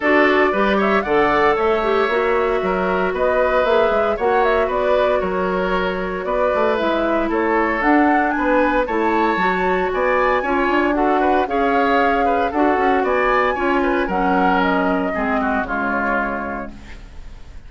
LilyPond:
<<
  \new Staff \with { instrumentName = "flute" } { \time 4/4 \tempo 4 = 115 d''4. e''8 fis''4 e''4~ | e''2 dis''4 e''4 | fis''8 e''8 d''4 cis''2 | d''4 e''4 cis''4 fis''4 |
gis''4 a''2 gis''4~ | gis''4 fis''4 f''2 | fis''4 gis''2 fis''4 | dis''2 cis''2 | }
  \new Staff \with { instrumentName = "oboe" } { \time 4/4 a'4 b'8 cis''8 d''4 cis''4~ | cis''4 ais'4 b'2 | cis''4 b'4 ais'2 | b'2 a'2 |
b'4 cis''2 d''4 | cis''4 a'8 b'8 cis''4. b'8 | a'4 d''4 cis''8 b'8 ais'4~ | ais'4 gis'8 fis'8 f'2 | }
  \new Staff \with { instrumentName = "clarinet" } { \time 4/4 fis'4 g'4 a'4. g'8 | fis'2. gis'4 | fis'1~ | fis'4 e'2 d'4~ |
d'4 e'4 fis'2 | f'4 fis'4 gis'2 | fis'2 f'4 cis'4~ | cis'4 c'4 gis2 | }
  \new Staff \with { instrumentName = "bassoon" } { \time 4/4 d'4 g4 d4 a4 | ais4 fis4 b4 ais8 gis8 | ais4 b4 fis2 | b8 a8 gis4 a4 d'4 |
b4 a4 fis4 b4 | cis'8 d'4. cis'2 | d'8 cis'8 b4 cis'4 fis4~ | fis4 gis4 cis2 | }
>>